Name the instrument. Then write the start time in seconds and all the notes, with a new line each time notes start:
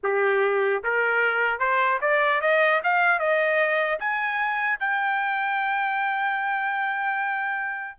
trumpet
0.03 G4
0.83 A#4
1.59 C5
2.01 D5
2.41 D#5
2.83 F5
3.19 D#5
3.99 G#5
4.79 G5